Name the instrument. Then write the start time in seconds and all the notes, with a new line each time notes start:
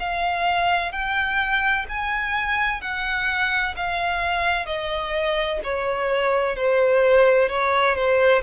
violin
0.00 F5
0.92 G5
1.89 G#5
2.81 F#5
3.77 F5
4.67 D#5
5.64 C#5
6.56 C5
7.49 C#5
7.95 C5